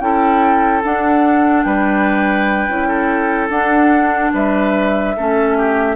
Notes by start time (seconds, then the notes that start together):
0.00 C#4 E4 A4 G5
0.84 D4 F#5
1.63 G3 B4 G5
2.68 C#4 E4
2.88 A4
3.49 D4 F#5
4.33 G3 B4 E5
5.17 A3 C#4 A4
5.58 G4